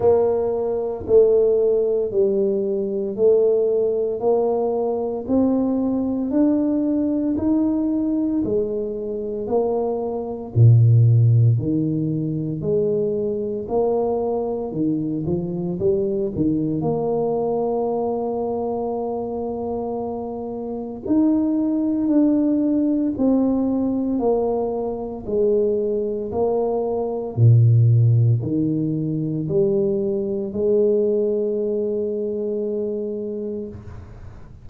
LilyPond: \new Staff \with { instrumentName = "tuba" } { \time 4/4 \tempo 4 = 57 ais4 a4 g4 a4 | ais4 c'4 d'4 dis'4 | gis4 ais4 ais,4 dis4 | gis4 ais4 dis8 f8 g8 dis8 |
ais1 | dis'4 d'4 c'4 ais4 | gis4 ais4 ais,4 dis4 | g4 gis2. | }